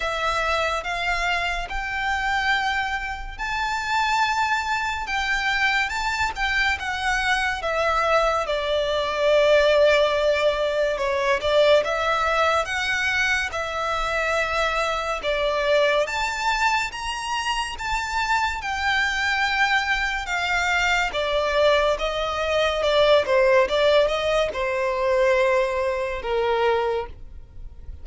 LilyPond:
\new Staff \with { instrumentName = "violin" } { \time 4/4 \tempo 4 = 71 e''4 f''4 g''2 | a''2 g''4 a''8 g''8 | fis''4 e''4 d''2~ | d''4 cis''8 d''8 e''4 fis''4 |
e''2 d''4 a''4 | ais''4 a''4 g''2 | f''4 d''4 dis''4 d''8 c''8 | d''8 dis''8 c''2 ais'4 | }